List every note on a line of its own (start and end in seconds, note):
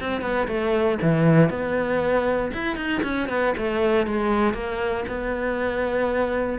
0.00 0.21 C4
0.21 0.47 B3
0.47 0.98 A3
1.01 1.50 E3
1.50 2.51 B3
2.53 2.76 E4
2.76 3.02 D#4
3.03 3.28 C#4
3.28 3.54 B3
3.57 4.07 A3
4.07 4.54 G#3
4.54 5.05 A#3
5.08 6.59 B3